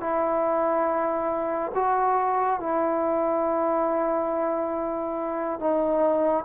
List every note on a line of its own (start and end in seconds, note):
0.00 1.72 E4
1.75 2.59 F#4
2.59 5.59 E4
5.59 6.44 D#4